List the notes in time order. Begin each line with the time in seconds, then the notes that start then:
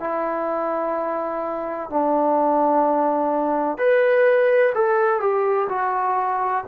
0.00 E4
1.90 D4
3.78 B4
4.75 A4
5.20 G4
5.69 F#4